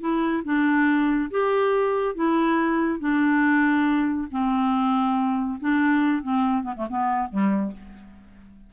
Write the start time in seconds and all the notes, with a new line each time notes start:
0.00 E4
0.44 D4
1.31 G4
2.15 E4
2.99 D4
4.31 C4
5.60 D4
6.23 C4
6.63 B3
6.77 A3
6.89 B3
7.30 G3